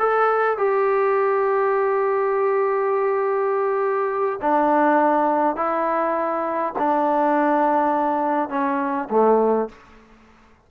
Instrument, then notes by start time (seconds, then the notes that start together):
trombone
0.00 A4
0.58 G4
4.42 D4
5.57 E4
6.79 D4
8.50 C#4
9.10 A3